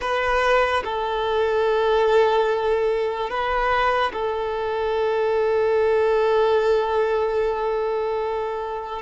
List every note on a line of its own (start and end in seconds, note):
0.01 0.83 B4
0.84 3.30 A4
3.30 4.12 B4
4.12 9.02 A4